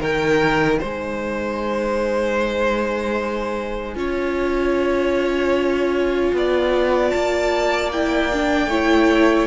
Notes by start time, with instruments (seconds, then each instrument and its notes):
0.00 cello D#3, viola D#4, violin A#4 G5
0.79 cello G#3, violin C5 G#5
3.95 cello C#4, viola F4, violin C#5
6.33 cello B3, violin D5
7.10 cello A#3, violin A5
7.92 viola E4, violin G5
8.33 viola D4
8.66 cello A3, viola E4, violin C#5